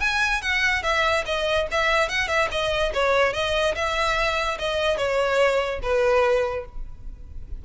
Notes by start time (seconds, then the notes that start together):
0.00 G#5
0.41 F#5
0.83 E5
1.26 D#5
1.71 E5
2.09 F#5
2.28 E5
2.51 D#5
2.93 C#5
3.33 D#5
3.75 E5
4.59 D#5
4.97 C#5
5.82 B4